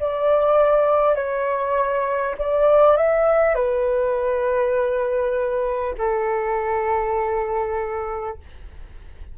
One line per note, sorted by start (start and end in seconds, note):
0.00 1.16 D5
1.16 2.36 C#5
2.38 2.97 D5
2.97 3.55 E5
3.55 5.95 B4
5.98 8.38 A4